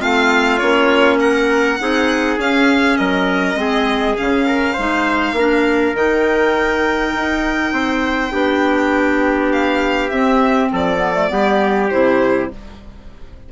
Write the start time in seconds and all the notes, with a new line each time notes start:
0.00 A3 C4 F4 F5
0.57 A#3 C#4 C#5
1.20 A#4 F#5
1.80 C4 D#4 G#4
2.38 C#4 F5
2.97 F#3 A#4 D#5
3.55 G#3 C4 G#4
4.17 C#3 C#4 F5
4.46 A#4
4.73 G#3 D#4 C5
5.32 A#3
5.38 D4 A#4
5.94 D#3 D#4 G5
7.15 D#4
7.72 C4 C5
8.32 B3 D4 G4
9.52 F5
10.10 C4 E5
10.72 F3 A4 D5
10.98 B3
11.14 A3
11.29 G3 B3 G4
11.90 C3 E4 C5